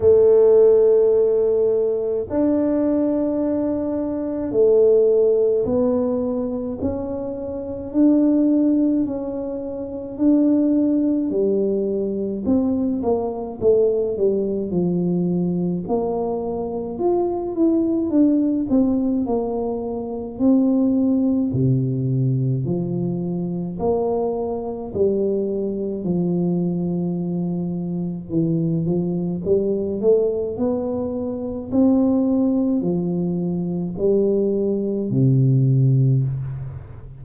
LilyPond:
\new Staff \with { instrumentName = "tuba" } { \time 4/4 \tempo 4 = 53 a2 d'2 | a4 b4 cis'4 d'4 | cis'4 d'4 g4 c'8 ais8 | a8 g8 f4 ais4 f'8 e'8 |
d'8 c'8 ais4 c'4 c4 | f4 ais4 g4 f4~ | f4 e8 f8 g8 a8 b4 | c'4 f4 g4 c4 | }